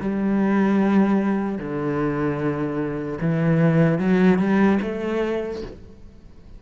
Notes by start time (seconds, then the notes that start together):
0.00 G3
1.58 D3
3.20 E3
3.99 F#3
4.38 G3
4.82 A3